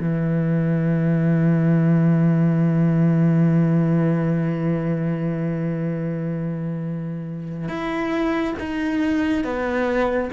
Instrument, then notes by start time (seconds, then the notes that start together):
cello
0.00 E3
7.69 E4
8.60 D#4
9.44 B3